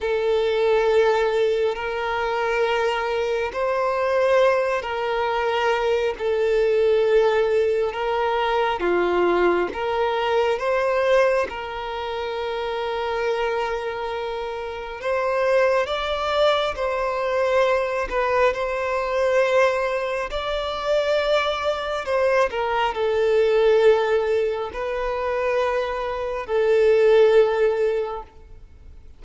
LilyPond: \new Staff \with { instrumentName = "violin" } { \time 4/4 \tempo 4 = 68 a'2 ais'2 | c''4. ais'4. a'4~ | a'4 ais'4 f'4 ais'4 | c''4 ais'2.~ |
ais'4 c''4 d''4 c''4~ | c''8 b'8 c''2 d''4~ | d''4 c''8 ais'8 a'2 | b'2 a'2 | }